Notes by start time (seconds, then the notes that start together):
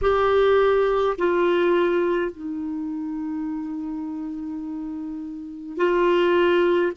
0.01 G4
1.17 F4
2.31 D#4
5.77 F4